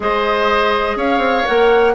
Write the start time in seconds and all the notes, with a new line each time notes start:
0.00 G#3 G#4 C5 D#5
0.96 C#4 C#5 F5
1.18 C4
1.46 A#3 A#4 F#5